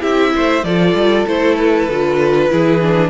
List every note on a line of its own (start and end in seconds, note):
0.00 0.34 C4
0.00 0.62 E4
0.00 0.32 G4
0.00 0.64 E5
0.35 0.63 A3
0.35 0.65 C5
0.63 0.94 F3
0.63 1.27 F4
0.63 2.51 A4
0.63 1.26 D5
0.94 1.25 G3
1.26 1.88 A3
1.26 1.89 E4
1.26 1.55 C5
1.55 3.10 B4
1.88 2.50 D3
1.88 2.49 F4
2.49 3.10 E3
2.49 2.80 E4
2.49 3.10 G#4
2.81 3.10 D4